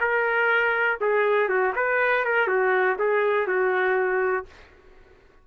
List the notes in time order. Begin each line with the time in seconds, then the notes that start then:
0.00 A#4
1.01 G#4
1.49 F#4
1.75 B4
2.24 A#4
2.47 F#4
2.99 G#4
3.47 F#4